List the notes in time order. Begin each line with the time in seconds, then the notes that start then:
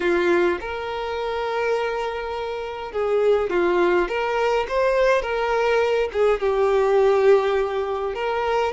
0.00 F4
0.60 A#4
2.92 G#4
3.50 F4
4.08 A#4
4.68 C5
5.22 A#4
6.12 G#4
6.40 G4
8.14 A#4